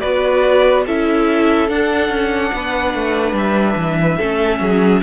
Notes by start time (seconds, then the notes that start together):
0.00 B3 F#4 B4 D5
0.86 C#4 E4 A4 E5
1.68 D4 F#5
2.09 C#4
2.53 B3 B4
2.94 A3
3.33 G3 E5
3.75 E3
4.17 A3 C#4 A4
4.60 F#3 G#4